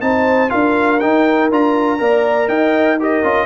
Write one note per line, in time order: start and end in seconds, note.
0.00 0.51 C4
0.00 0.49 D#4
0.00 0.52 C5
0.00 0.50 A5
0.49 1.03 D4
0.49 0.99 F4
0.49 2.00 A#4
0.49 0.99 F5
0.99 1.51 D#4
0.99 1.49 G5
1.51 2.00 D4
1.51 1.98 F4
1.51 2.48 A#5
1.98 2.48 A#3
1.98 2.97 A#4
1.98 2.49 D5
2.48 3.22 D#4
2.48 2.99 D#5
2.48 2.98 G5
2.99 3.24 G4
2.99 3.46 A#4
2.99 3.46 D#5
3.23 3.46 C#4
3.23 3.46 F4